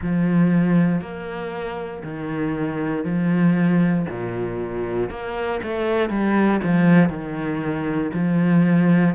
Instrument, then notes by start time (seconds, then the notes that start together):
cello
0.01 F3
1.01 A#3
2.03 D#3
3.04 F3
4.09 A#2
5.10 A#3
5.63 A3
6.09 G3
6.63 F3
7.09 D#3
8.14 F3